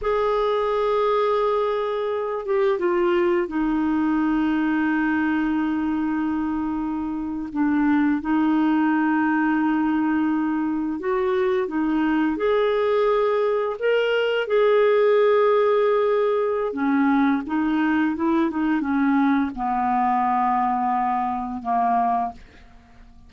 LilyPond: \new Staff \with { instrumentName = "clarinet" } { \time 4/4 \tempo 4 = 86 gis'2.~ gis'8 g'8 | f'4 dis'2.~ | dis'2~ dis'8. d'4 dis'16~ | dis'2.~ dis'8. fis'16~ |
fis'8. dis'4 gis'2 ais'16~ | ais'8. gis'2.~ gis'16 | cis'4 dis'4 e'8 dis'8 cis'4 | b2. ais4 | }